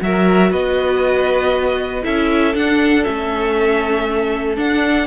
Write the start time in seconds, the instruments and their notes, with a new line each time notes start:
0.00 cello F#3, viola F#4, violin A#4 E5
0.50 cello B3, violin B4 D#5
2.02 cello C#4, viola E4, violin A4 E5
2.55 viola D4, cello D4, violin F#5
3.03 cello A3, viola C#4, violin E5
4.56 viola D4, cello D4, violin F#5